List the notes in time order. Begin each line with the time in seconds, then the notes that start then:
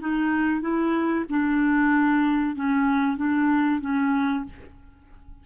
0.00 D#4
0.61 E4
1.29 D4
2.55 C#4
3.17 D4
3.81 C#4